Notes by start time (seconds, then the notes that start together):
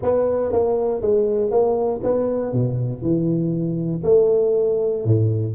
0.02 B3
0.52 A#3
1.01 G#3
1.51 A#3
2.03 B3
2.52 B2
3.02 E3
4.03 A3
5.04 A2